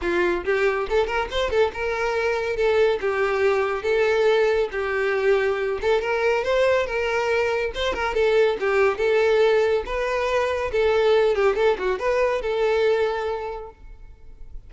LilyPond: \new Staff \with { instrumentName = "violin" } { \time 4/4 \tempo 4 = 140 f'4 g'4 a'8 ais'8 c''8 a'8 | ais'2 a'4 g'4~ | g'4 a'2 g'4~ | g'4. a'8 ais'4 c''4 |
ais'2 c''8 ais'8 a'4 | g'4 a'2 b'4~ | b'4 a'4. g'8 a'8 fis'8 | b'4 a'2. | }